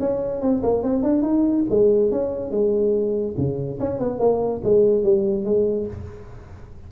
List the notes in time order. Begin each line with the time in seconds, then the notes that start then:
0.00 C#4
0.41 C4
0.63 A#3
0.83 C4
1.03 D4
1.22 D#4
1.70 G#3
2.11 C#4
2.51 G#3
3.37 C#3
3.80 C#4
3.99 B3
4.19 A#3
4.64 G#3
5.04 G3
5.45 G#3